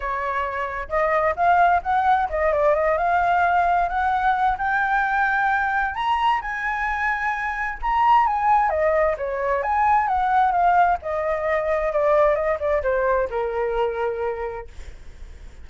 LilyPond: \new Staff \with { instrumentName = "flute" } { \time 4/4 \tempo 4 = 131 cis''2 dis''4 f''4 | fis''4 dis''8 d''8 dis''8 f''4.~ | f''8 fis''4. g''2~ | g''4 ais''4 gis''2~ |
gis''4 ais''4 gis''4 dis''4 | cis''4 gis''4 fis''4 f''4 | dis''2 d''4 dis''8 d''8 | c''4 ais'2. | }